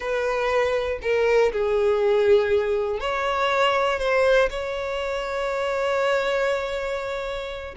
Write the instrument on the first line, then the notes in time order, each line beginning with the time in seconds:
violin
0.00 B4
1.02 A#4
1.52 G#4
3.00 C#5
3.99 C5
4.50 C#5